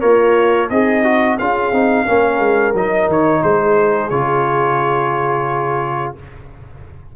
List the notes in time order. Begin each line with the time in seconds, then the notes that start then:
0.00 A#3 F4 A#4 C#5
0.69 C4 D#4 G#4 D#5
1.04 F#4
1.39 C#4 F4 G#4 F5
1.72 C4 D#4
2.06 A#3 C#4 A#4
2.39 G#3
2.74 F#3 D#4 D#5
3.08 D#3 C#5
3.42 G#3 G#4 C5
4.10 C#3 F4 C#5